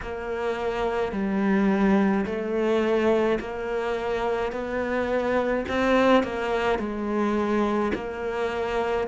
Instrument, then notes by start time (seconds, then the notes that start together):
cello
0.02 A#3
1.12 G3
2.25 A3
3.40 A#3
4.52 B3
5.68 C4
6.23 A#3
6.78 G#3
7.94 A#3